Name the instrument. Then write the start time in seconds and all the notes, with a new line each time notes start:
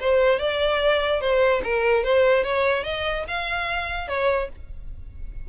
violin
0.00 C5
0.39 D5
1.21 C5
1.64 A#4
2.04 C5
2.44 C#5
2.84 D#5
3.28 F5
4.08 C#5